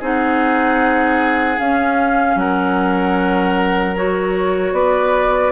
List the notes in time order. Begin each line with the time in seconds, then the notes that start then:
0.00 C4 D#4 G#4 F#5
1.59 C#4 F5
2.36 F#3 A#4 F#5
3.96 F#4 C#5
4.73 B3 B4 D5